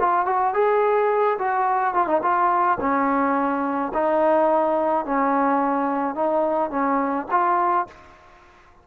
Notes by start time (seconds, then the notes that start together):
0.00 F4
0.26 F#4
0.54 G#4
1.39 F#4
1.94 F4
2.07 D#4
2.22 F4
2.80 C#4
3.94 D#4
5.05 C#4
6.15 D#4
6.70 C#4
7.31 F4